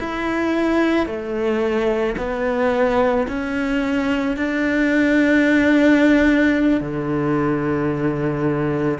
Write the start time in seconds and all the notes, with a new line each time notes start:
0.00 E4
1.07 A3
2.18 B3
3.28 C#4
4.37 D4
6.81 D3